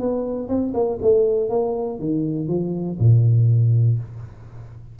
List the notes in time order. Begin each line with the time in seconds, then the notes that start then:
0.00 B3
0.49 C4
0.74 A#3
1.02 A3
1.50 A#3
2.00 D#3
2.48 F3
2.99 A#2